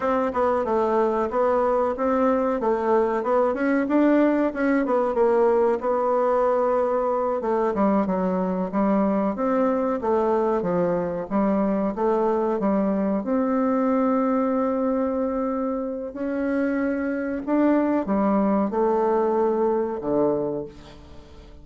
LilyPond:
\new Staff \with { instrumentName = "bassoon" } { \time 4/4 \tempo 4 = 93 c'8 b8 a4 b4 c'4 | a4 b8 cis'8 d'4 cis'8 b8 | ais4 b2~ b8 a8 | g8 fis4 g4 c'4 a8~ |
a8 f4 g4 a4 g8~ | g8 c'2.~ c'8~ | c'4 cis'2 d'4 | g4 a2 d4 | }